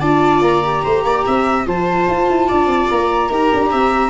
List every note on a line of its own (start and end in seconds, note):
0.00 0.41 D4
0.00 0.63 F4
0.00 0.82 D5
0.00 0.41 A5
0.41 0.82 A#3
0.41 1.65 A#5
0.63 1.65 G4
0.83 1.04 A3
0.83 1.04 C5
1.04 1.24 A#3
1.04 1.25 D5
1.26 1.66 C4
1.26 1.67 E5
1.65 2.08 F3
1.65 3.30 F4
1.65 2.47 C5
1.65 2.90 A5
2.08 2.29 F4
2.29 2.50 E4
2.47 2.66 D4
2.47 3.29 D5
2.66 2.87 C4
2.90 3.30 A#3
2.90 4.09 A#5
3.29 3.50 D#4
3.29 4.09 G4
3.29 3.70 A#4
3.53 3.72 D4
3.71 4.09 C4
3.71 4.09 E5